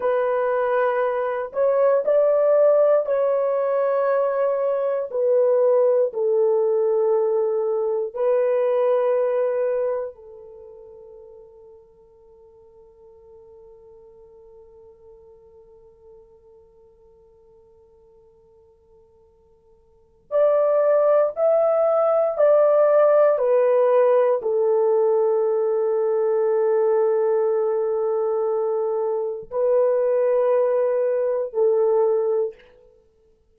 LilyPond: \new Staff \with { instrumentName = "horn" } { \time 4/4 \tempo 4 = 59 b'4. cis''8 d''4 cis''4~ | cis''4 b'4 a'2 | b'2 a'2~ | a'1~ |
a'1 | d''4 e''4 d''4 b'4 | a'1~ | a'4 b'2 a'4 | }